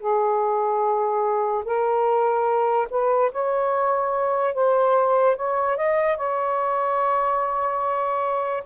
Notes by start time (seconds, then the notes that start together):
0.00 G#4
1.65 A#4
2.91 B4
3.32 C#5
4.55 C5
5.37 C#5
5.77 D#5
6.18 C#5